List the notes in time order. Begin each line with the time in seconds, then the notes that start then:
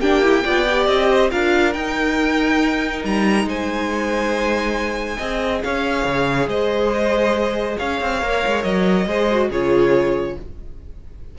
0.00 A#3 D4 G4 G5
0.23 E4
0.44 B3 F4 D5
0.69 G4
0.87 C4 D#5
1.11 C5
1.30 D4 F4 A#4 F5
1.73 D#4 G5
3.04 G3 A#5
3.45 G#3 C5 G#5
5.17 C4 G#4 D#5
5.63 C#4 C#5 F5
6.05 C#3
6.47 G#3 C5 D#5
7.78 C#4 C#5 F5
8.01 C4
8.21 A#3 A#4
8.46 G#3
8.63 F#3 D#5
9.06 G#3 G#4 C5
9.31 F#4
9.49 C#3 F4 G#4 C#5